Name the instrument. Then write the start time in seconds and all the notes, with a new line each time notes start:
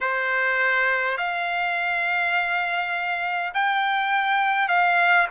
trumpet
0.00 C5
1.17 F5
3.53 G5
4.68 F5